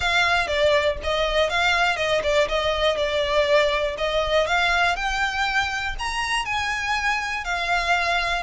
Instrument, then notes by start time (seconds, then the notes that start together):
violin
0.00 F5
0.47 D5
1.03 D#5
1.49 F5
1.96 D#5
2.23 D5
2.48 D#5
2.96 D5
3.97 D#5
4.47 F5
4.96 G5
5.98 A#5
6.45 G#5
7.44 F5